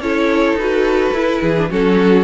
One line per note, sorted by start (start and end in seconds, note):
0.00 0.54 C#4
0.00 0.60 E4
0.00 1.42 A4
0.00 0.58 C#5
0.54 1.10 D#4
0.54 1.71 B4
0.60 1.15 F#4
1.13 1.42 E4
1.13 1.58 E4
1.42 1.71 E3
1.42 1.70 G#4
1.58 1.70 D4
1.70 2.24 F#3
1.70 2.24 C#4
1.70 2.24 F#4
1.70 2.24 A4